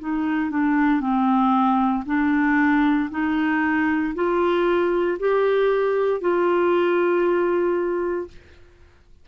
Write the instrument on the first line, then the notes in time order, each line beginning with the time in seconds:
clarinet
0.00 D#4
0.51 D4
1.01 C4
2.06 D4
3.11 D#4
4.15 F4
5.20 G4
6.21 F4